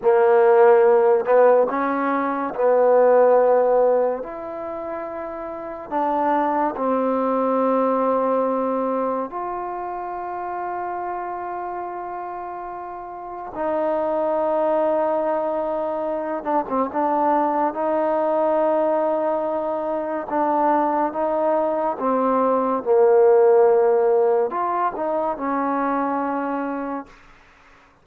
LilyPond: \new Staff \with { instrumentName = "trombone" } { \time 4/4 \tempo 4 = 71 ais4. b8 cis'4 b4~ | b4 e'2 d'4 | c'2. f'4~ | f'1 |
dis'2.~ dis'8 d'16 c'16 | d'4 dis'2. | d'4 dis'4 c'4 ais4~ | ais4 f'8 dis'8 cis'2 | }